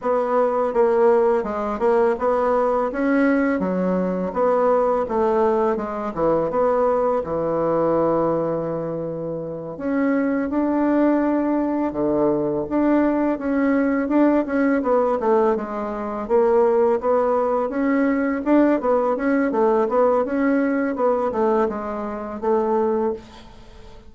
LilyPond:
\new Staff \with { instrumentName = "bassoon" } { \time 4/4 \tempo 4 = 83 b4 ais4 gis8 ais8 b4 | cis'4 fis4 b4 a4 | gis8 e8 b4 e2~ | e4. cis'4 d'4.~ |
d'8 d4 d'4 cis'4 d'8 | cis'8 b8 a8 gis4 ais4 b8~ | b8 cis'4 d'8 b8 cis'8 a8 b8 | cis'4 b8 a8 gis4 a4 | }